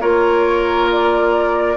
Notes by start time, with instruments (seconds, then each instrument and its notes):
0.00 bassoon A#3, clarinet F4, oboe A#4, flute C#5
0.91 flute D5